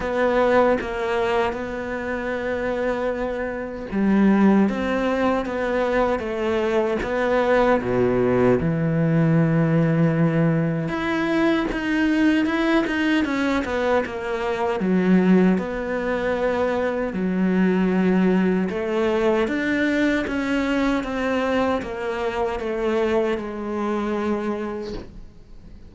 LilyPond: \new Staff \with { instrumentName = "cello" } { \time 4/4 \tempo 4 = 77 b4 ais4 b2~ | b4 g4 c'4 b4 | a4 b4 b,4 e4~ | e2 e'4 dis'4 |
e'8 dis'8 cis'8 b8 ais4 fis4 | b2 fis2 | a4 d'4 cis'4 c'4 | ais4 a4 gis2 | }